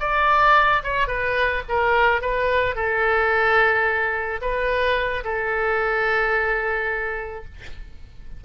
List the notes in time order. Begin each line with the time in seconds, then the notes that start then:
0.00 D5
0.83 C#5
1.08 B4
1.69 A#4
2.21 B4
2.75 A4
4.41 B4
5.24 A4